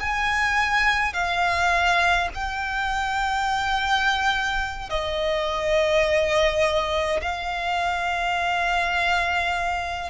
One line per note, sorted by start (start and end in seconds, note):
0.00 1.13 G#5
1.13 2.29 F5
2.34 4.90 G5
4.90 7.21 D#5
7.22 10.10 F5